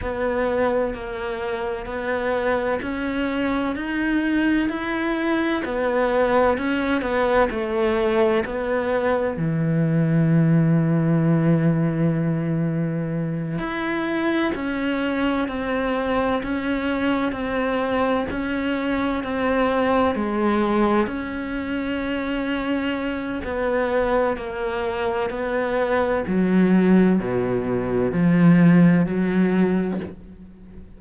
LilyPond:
\new Staff \with { instrumentName = "cello" } { \time 4/4 \tempo 4 = 64 b4 ais4 b4 cis'4 | dis'4 e'4 b4 cis'8 b8 | a4 b4 e2~ | e2~ e8 e'4 cis'8~ |
cis'8 c'4 cis'4 c'4 cis'8~ | cis'8 c'4 gis4 cis'4.~ | cis'4 b4 ais4 b4 | fis4 b,4 f4 fis4 | }